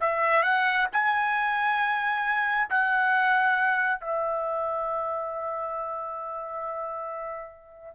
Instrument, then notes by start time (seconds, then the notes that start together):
trumpet
0.00 E5
0.43 F#5
0.93 G#5
2.70 F#5
4.01 E5